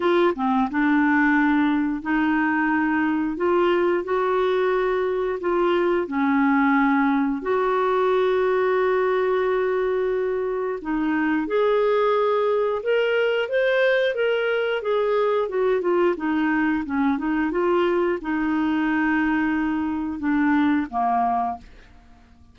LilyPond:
\new Staff \with { instrumentName = "clarinet" } { \time 4/4 \tempo 4 = 89 f'8 c'8 d'2 dis'4~ | dis'4 f'4 fis'2 | f'4 cis'2 fis'4~ | fis'1 |
dis'4 gis'2 ais'4 | c''4 ais'4 gis'4 fis'8 f'8 | dis'4 cis'8 dis'8 f'4 dis'4~ | dis'2 d'4 ais4 | }